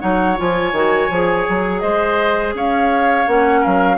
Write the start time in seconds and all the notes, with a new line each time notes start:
0.00 F#3 D#4 C#5 F#5
0.37 F3 F4 G#5
0.72 D#3 F#4
1.10 F3 G#4
1.49 F#3
1.80 G#3 C5 D#5
2.54 C#4 C#5 F5
3.27 A#3 C#4 F#5
3.61 F#3 A#4 F5